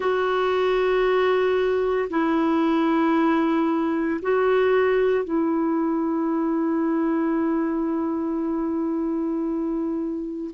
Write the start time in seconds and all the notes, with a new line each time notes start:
0.00 F#4
2.10 E4
4.22 F#4
5.24 E4